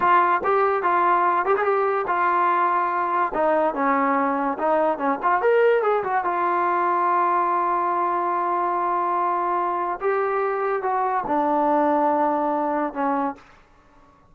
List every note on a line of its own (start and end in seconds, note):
0.00 0.41 F4
0.43 0.83 G4
0.83 1.45 F4
1.45 1.55 G4
1.57 1.64 G#4
1.64 2.05 G4
2.07 3.32 F4
3.34 3.74 D#4
3.74 4.57 C#4
4.58 4.98 D#4
4.98 5.18 C#4
5.23 5.41 F4
5.41 5.82 A#4
5.82 6.03 G#4
6.03 6.24 F#4
6.24 9.99 F4
10.00 10.82 G4
10.82 11.24 F#4
11.26 12.93 D4
12.93 13.35 C#4